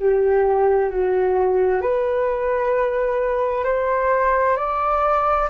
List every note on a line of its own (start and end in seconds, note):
0.00 0.90 G4
0.90 1.82 F#4
1.82 3.65 B4
3.65 4.57 C5
4.57 5.49 D5